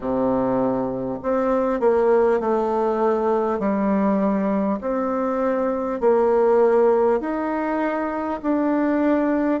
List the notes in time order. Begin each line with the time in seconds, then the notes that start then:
0.00 C3
1.23 C4
1.79 A#3
2.40 A3
3.59 G3
4.81 C4
6.00 A#3
7.20 D#4
8.42 D4